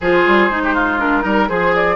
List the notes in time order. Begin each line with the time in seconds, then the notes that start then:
0.00 F3 F4 G#4 C5
0.26 G3
0.49 G#3 D#4
0.63 G4
0.74 F4
0.98 D4 A#4
1.21 G3 D#4 A#4
1.48 F3 G#4 C5
1.74 D5